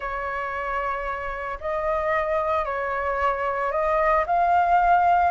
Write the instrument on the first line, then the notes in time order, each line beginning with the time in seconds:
flute
0.00 C#5
1.60 D#5
2.65 C#5
3.71 D#5
4.26 F5